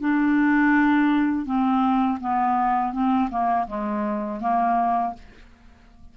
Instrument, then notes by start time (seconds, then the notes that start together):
clarinet
0.00 D4
1.45 C4
2.20 B3
2.92 C4
3.30 A#3
3.67 G#3
4.40 A#3